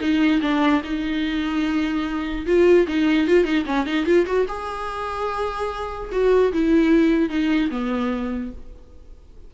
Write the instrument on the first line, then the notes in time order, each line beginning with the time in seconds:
viola
0.00 D#4
0.41 D4
0.83 D#4
2.46 F4
2.87 D#4
3.27 F4
3.45 D#4
3.66 C#4
3.86 D#4
4.05 F4
4.26 F#4
4.48 G#4
6.11 F#4
6.53 E4
7.29 D#4
7.70 B3